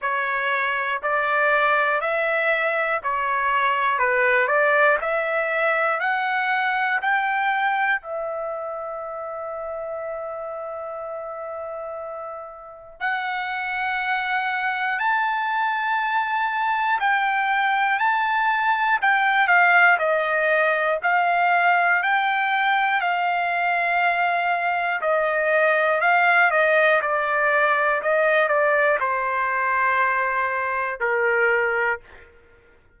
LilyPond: \new Staff \with { instrumentName = "trumpet" } { \time 4/4 \tempo 4 = 60 cis''4 d''4 e''4 cis''4 | b'8 d''8 e''4 fis''4 g''4 | e''1~ | e''4 fis''2 a''4~ |
a''4 g''4 a''4 g''8 f''8 | dis''4 f''4 g''4 f''4~ | f''4 dis''4 f''8 dis''8 d''4 | dis''8 d''8 c''2 ais'4 | }